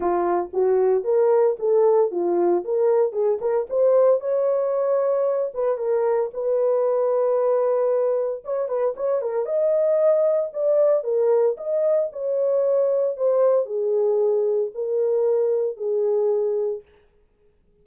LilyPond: \new Staff \with { instrumentName = "horn" } { \time 4/4 \tempo 4 = 114 f'4 fis'4 ais'4 a'4 | f'4 ais'4 gis'8 ais'8 c''4 | cis''2~ cis''8 b'8 ais'4 | b'1 |
cis''8 b'8 cis''8 ais'8 dis''2 | d''4 ais'4 dis''4 cis''4~ | cis''4 c''4 gis'2 | ais'2 gis'2 | }